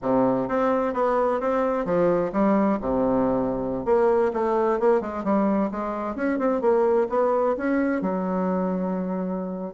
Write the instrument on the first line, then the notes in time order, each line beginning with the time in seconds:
bassoon
0.02 C3
0.48 C4
0.93 B3
1.40 C4
1.85 F3
2.32 G3
2.80 C3
3.85 A#3
4.33 A3
4.79 A#3
5.00 G#3
5.24 G3
5.71 G#3
6.15 C#4
6.38 C4
6.61 A#3
7.09 B3
7.57 C#4
8.01 F#3